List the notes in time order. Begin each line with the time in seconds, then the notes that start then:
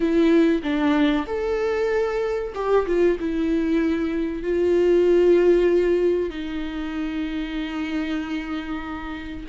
0.00 E4
0.62 D4
1.26 A4
2.54 G4
2.86 F4
3.19 E4
4.42 F4
6.30 D#4